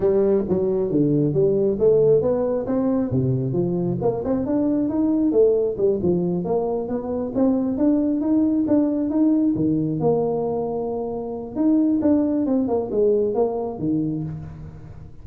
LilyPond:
\new Staff \with { instrumentName = "tuba" } { \time 4/4 \tempo 4 = 135 g4 fis4 d4 g4 | a4 b4 c'4 c4 | f4 ais8 c'8 d'4 dis'4 | a4 g8 f4 ais4 b8~ |
b8 c'4 d'4 dis'4 d'8~ | d'8 dis'4 dis4 ais4.~ | ais2 dis'4 d'4 | c'8 ais8 gis4 ais4 dis4 | }